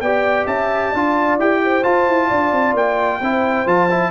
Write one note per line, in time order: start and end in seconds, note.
0.00 0.46 B3
0.00 0.95 G4
0.00 0.46 D5
0.00 0.46 G5
0.46 0.92 C#4
0.46 0.90 E5
0.46 1.38 A5
0.90 1.37 D4
0.90 1.40 F4
0.90 1.59 D5
1.37 1.83 E4
1.37 1.83 G4
1.37 1.84 G5
1.64 2.27 C5
1.83 3.21 F4
1.83 2.08 F4
1.83 2.75 A5
2.08 2.31 E4
2.27 2.52 D4
2.27 3.19 D5
2.52 2.74 C4
2.74 3.19 A#3
2.74 3.68 G5
3.21 3.66 C4
3.21 3.67 E4
3.21 4.11 C5
3.66 4.11 F3
3.66 3.89 F4
3.66 4.11 A5
3.90 4.11 E4